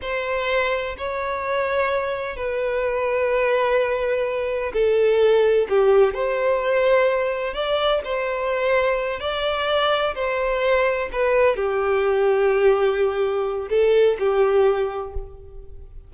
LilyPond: \new Staff \with { instrumentName = "violin" } { \time 4/4 \tempo 4 = 127 c''2 cis''2~ | cis''4 b'2.~ | b'2 a'2 | g'4 c''2. |
d''4 c''2~ c''8 d''8~ | d''4. c''2 b'8~ | b'8 g'2.~ g'8~ | g'4 a'4 g'2 | }